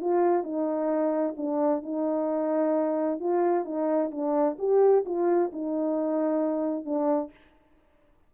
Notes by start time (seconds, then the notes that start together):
0.00 F4
0.43 D#4
1.37 D4
1.82 D#4
3.20 F4
3.64 D#4
4.11 D4
4.58 G4
5.05 F4
5.52 D#4
6.85 D4